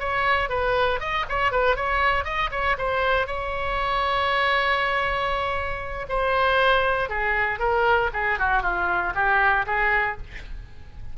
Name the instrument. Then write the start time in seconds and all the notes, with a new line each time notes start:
oboe
0.00 C#5
0.50 B4
1.00 D#5
1.29 C#5
1.52 B4
1.76 C#5
2.25 D#5
2.51 C#5
2.78 C5
3.27 C#5
6.09 C5
7.10 G#4
7.60 A#4
8.14 G#4
8.39 F#4
8.63 F4
9.15 G4
9.67 G#4